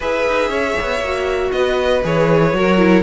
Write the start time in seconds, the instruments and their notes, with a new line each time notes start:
0.00 cello E4, viola G#4, violin B4 E5
0.27 cello D#4
0.49 cello C#4, violin C#5
0.80 cello B3
1.00 cello A#3, viola F#4
1.51 cello B3, violin B4 D#5
2.03 cello E3, viola G#4, violin C#5
2.53 cello F#3, viola F#4, violin A#4
2.78 viola E4